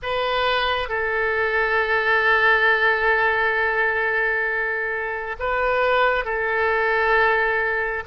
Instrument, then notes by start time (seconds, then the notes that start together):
oboe
0.02 B4
0.88 A4
5.39 B4
6.24 A4